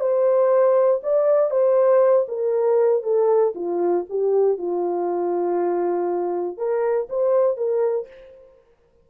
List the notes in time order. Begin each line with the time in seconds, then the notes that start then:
0.00 C5
1.03 D5
1.50 C5
2.28 A#4
3.03 A4
3.55 F4
4.09 G4
4.57 F4
6.57 A#4
7.09 C5
7.57 A#4